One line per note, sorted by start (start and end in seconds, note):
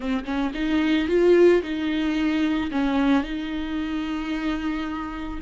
0.00 0.24 C4
0.24 0.51 C#4
0.54 1.07 D#4
1.07 1.61 F4
1.62 2.70 D#4
2.71 3.23 C#4
3.23 5.39 D#4